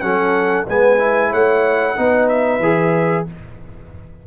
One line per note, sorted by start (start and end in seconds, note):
0.00 0.67 F#3
0.00 0.67 C#4
0.00 0.67 A4
0.00 0.65 F#5
0.67 1.32 G#3
0.67 0.99 B3
0.67 1.30 B4
0.67 1.33 G#5
0.99 1.95 E4
1.30 1.97 A3
1.30 1.94 C#5
1.30 2.28 F#5
1.96 2.59 B3
1.96 2.61 D#4
1.96 3.27 B4
2.28 3.25 E5
2.59 3.24 E3
2.59 3.27 G#4